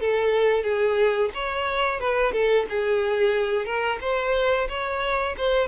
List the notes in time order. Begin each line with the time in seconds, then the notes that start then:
0.00 A4
0.63 G#4
1.34 C#5
1.99 B4
2.32 A4
2.69 G#4
3.65 A#4
4.01 C5
4.68 C#5
5.37 C5